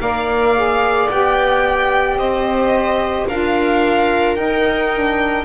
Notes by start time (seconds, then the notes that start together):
0.00 A#3 A#4 D5 F5
0.55 G#4
1.10 B3 G4 G5
2.16 C4 C5 D#5
3.28 D4 F4 A#4 F5
4.36 D#4 G5
4.93 D4